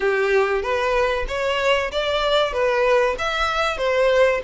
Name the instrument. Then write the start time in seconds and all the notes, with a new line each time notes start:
violin
0.00 G4
0.62 B4
1.28 C#5
1.91 D5
2.52 B4
3.18 E5
3.77 C5